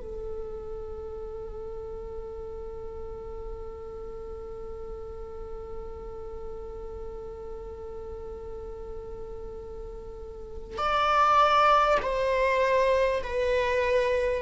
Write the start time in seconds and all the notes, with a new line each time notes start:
0.00 A4
10.77 D5
12.02 C5
13.23 B4